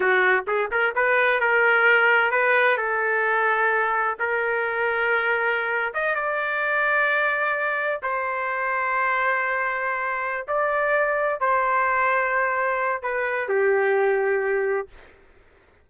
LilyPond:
\new Staff \with { instrumentName = "trumpet" } { \time 4/4 \tempo 4 = 129 fis'4 gis'8 ais'8 b'4 ais'4~ | ais'4 b'4 a'2~ | a'4 ais'2.~ | ais'8. dis''8 d''2~ d''8.~ |
d''4~ d''16 c''2~ c''8.~ | c''2~ c''8 d''4.~ | d''8 c''2.~ c''8 | b'4 g'2. | }